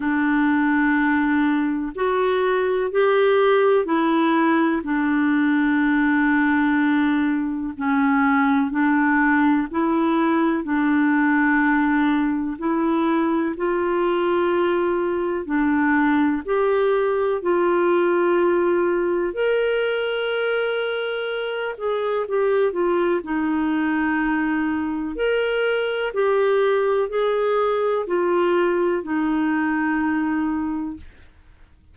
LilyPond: \new Staff \with { instrumentName = "clarinet" } { \time 4/4 \tempo 4 = 62 d'2 fis'4 g'4 | e'4 d'2. | cis'4 d'4 e'4 d'4~ | d'4 e'4 f'2 |
d'4 g'4 f'2 | ais'2~ ais'8 gis'8 g'8 f'8 | dis'2 ais'4 g'4 | gis'4 f'4 dis'2 | }